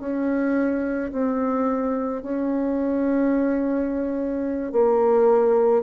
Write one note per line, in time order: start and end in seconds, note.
0.00 1.11 C#4
1.12 2.22 C4
2.22 4.72 C#4
4.72 5.82 A#3